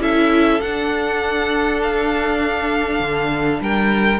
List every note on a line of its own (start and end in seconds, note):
0.00 0.60 C#4
0.00 0.60 E4
0.00 3.61 A4
0.00 0.61 E5
0.61 3.00 D4
0.61 4.20 D4
0.61 1.81 F#5
1.83 3.63 F5
3.00 3.60 D3
3.61 4.20 G3
3.61 4.20 A#4
3.61 4.20 G5